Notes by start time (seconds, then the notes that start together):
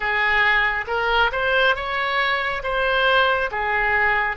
0.00 G#4
0.87 A#4
1.32 C5
1.75 C#5
2.63 C5
3.51 G#4